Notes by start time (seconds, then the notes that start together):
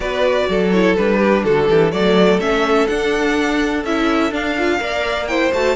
0.00 B3 F#4 B4 D5
0.48 F#3 A4
0.71 E4 C#5
0.96 G3 D4 B4
1.18 G4
1.44 D3 F#4 A4
1.68 E3 G4
1.91 F#3 A3 A4 D5
2.39 A3 C#4 E5
2.87 D4 F#5
3.84 C#4 E4 E5
4.31 D4 F5
4.58 F4
4.79 A#3 A#4 D5
5.27 E4 C5 G5
5.53 A3 F#4 A5